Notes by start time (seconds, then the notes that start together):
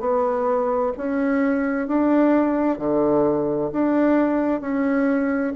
0.00 B3
0.97 C#4
1.88 D4
2.78 D3
3.73 D4
4.61 C#4